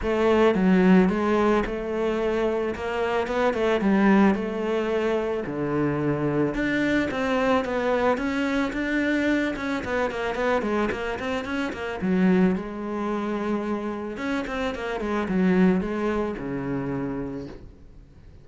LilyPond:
\new Staff \with { instrumentName = "cello" } { \time 4/4 \tempo 4 = 110 a4 fis4 gis4 a4~ | a4 ais4 b8 a8 g4 | a2 d2 | d'4 c'4 b4 cis'4 |
d'4. cis'8 b8 ais8 b8 gis8 | ais8 c'8 cis'8 ais8 fis4 gis4~ | gis2 cis'8 c'8 ais8 gis8 | fis4 gis4 cis2 | }